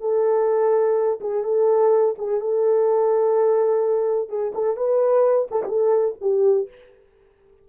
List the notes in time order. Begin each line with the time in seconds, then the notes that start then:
0.00 A4
1.20 G#4
1.44 A4
2.18 G#4
2.40 A4
4.29 G#4
4.54 A4
4.76 B4
5.51 A4
5.63 G4 A4
6.21 G4